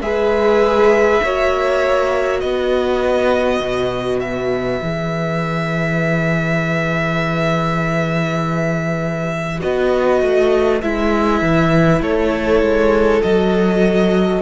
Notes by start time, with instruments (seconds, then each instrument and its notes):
0.00 cello G#3, viola G#4, violin B4 E5
1.23 cello A#3, viola F#4, violin C#5
2.40 cello B3, violin B4 D#5
3.60 cello B2
4.20 violin E5
4.81 cello E3, viola G#4
9.60 cello B3, viola F#4, violin D#5
10.22 cello A3
10.81 cello G#3, viola E4, violin E5
11.42 cello E3
12.01 cello A3, violin A4 C#5
12.62 cello G#3
13.22 cello F#3, viola F#4, violin D#5